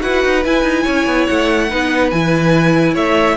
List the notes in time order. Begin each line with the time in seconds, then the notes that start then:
0.00 E4 F#4 B4 F#5
0.24 D#4
0.44 E4 G#5
0.62 D#4
0.83 C#4 C#5
1.06 B3
1.26 A3 F#5
1.69 B3 D#4 B4
2.10 E3 E4 G#5
2.93 A3 C#5 E5